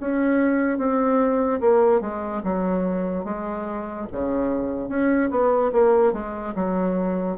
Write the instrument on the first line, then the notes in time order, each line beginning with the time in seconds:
bassoon
0.00 C#4
0.78 C4
1.61 A#3
2.01 G#3
2.44 F#3
3.25 G#3
4.12 C#3
4.89 C#4
5.31 B3
5.72 A#3
6.13 G#3
6.55 F#3